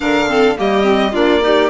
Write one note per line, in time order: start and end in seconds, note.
0.00 0.58 D3
0.00 0.25 D4
0.00 0.28 A#4
0.00 0.57 F5
0.27 0.55 C4
0.27 0.57 A4
0.56 1.14 G3
0.56 0.82 A#3
0.56 1.12 G4
0.56 1.15 D#5
0.82 1.11 C4
1.12 1.70 A#3
1.12 1.40 D4
1.12 1.40 F4
1.12 1.70 D5
1.40 1.69 D#4
1.40 1.70 G4